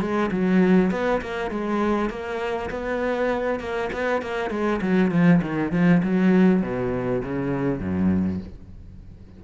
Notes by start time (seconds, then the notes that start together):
0.00 G#3
0.31 F#3
0.91 B3
1.21 A#3
1.51 G#3
2.09 A#3
2.70 B3
3.59 A#3
3.92 B3
4.22 A#3
4.50 G#3
4.81 F#3
5.11 F3
5.41 D#3
5.71 F3
6.03 F#3
6.62 B2
7.23 C#3
7.79 F#2